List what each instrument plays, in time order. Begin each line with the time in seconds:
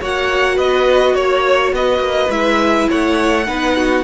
0.00 cello A#3, viola F#4, violin C#5 F#5
0.56 cello B3, violin B4 D#5
1.15 cello A#3, violin C#5
1.73 cello B3, violin B4 D#5
1.99 cello A#3
2.30 cello G#3, viola E4, violin E5
2.89 cello A3, violin C#5 F#5
3.47 cello B3, viola D#4, violin B4
3.76 violin F#4